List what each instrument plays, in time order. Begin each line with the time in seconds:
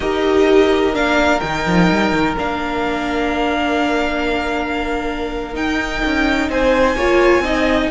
0.00 cello D#4, viola G4, violin A#4 D#5
0.93 cello A#3, viola D4, violin F5
1.40 cello D#3, viola D#4, violin G5
1.66 cello F3
1.91 cello G3
2.11 cello D#3
2.37 cello A#3, viola D4, violin F5
5.53 viola D#4, cello D#4, violin G5
6.05 cello C#4
6.49 cello C4, violin C5 G#5
6.95 cello A#3, viola F4, violin C#5
7.39 cello C4, viola D#4, violin D#5